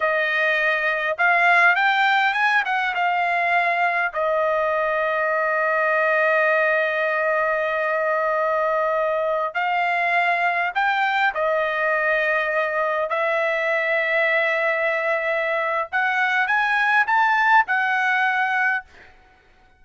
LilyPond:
\new Staff \with { instrumentName = "trumpet" } { \time 4/4 \tempo 4 = 102 dis''2 f''4 g''4 | gis''8 fis''8 f''2 dis''4~ | dis''1~ | dis''1~ |
dis''16 f''2 g''4 dis''8.~ | dis''2~ dis''16 e''4.~ e''16~ | e''2. fis''4 | gis''4 a''4 fis''2 | }